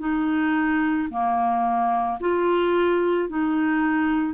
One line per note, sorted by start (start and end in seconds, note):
0.00 1.09 D#4
1.10 2.19 A#3
2.21 3.29 F4
3.29 4.34 D#4